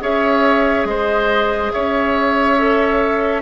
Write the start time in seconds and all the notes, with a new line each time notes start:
0.00 C#4 G#4 C#5 E5
0.84 G#3 C5 D#5
1.72 C#4 C#5 E5
2.57 A4